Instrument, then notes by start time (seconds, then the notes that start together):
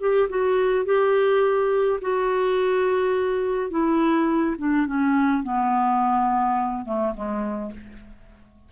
clarinet
0.00 G4
0.29 F#4
0.85 G4
2.01 F#4
3.70 E4
4.58 D4
4.86 C#4
5.43 B3
6.85 A3
7.15 G#3